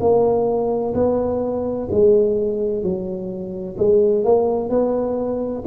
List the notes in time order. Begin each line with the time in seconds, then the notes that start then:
0.00 A#3
0.94 B3
1.91 G#3
2.83 F#3
3.78 G#3
4.24 A#3
4.70 B3